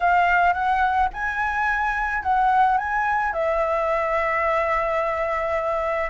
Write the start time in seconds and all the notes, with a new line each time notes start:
0.00 F5
0.53 F#5
1.13 G#5
2.22 F#5
2.77 G#5
3.32 E5